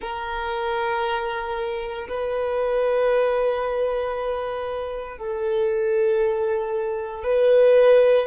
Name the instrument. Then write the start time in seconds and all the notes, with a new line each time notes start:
violin
0.01 A#4
2.08 B4
5.17 A4
7.23 B4